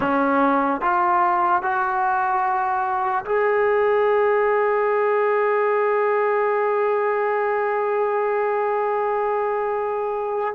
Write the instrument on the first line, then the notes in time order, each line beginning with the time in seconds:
trombone
0.00 C#4
0.81 F4
1.62 F#4
3.25 G#4